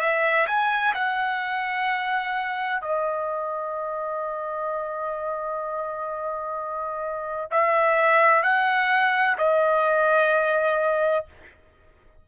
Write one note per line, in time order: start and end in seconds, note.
0.00 0.47 E5
0.47 0.94 G#5
0.94 2.81 F#5
2.81 7.50 D#5
7.51 8.43 E5
8.43 9.37 F#5
9.38 11.25 D#5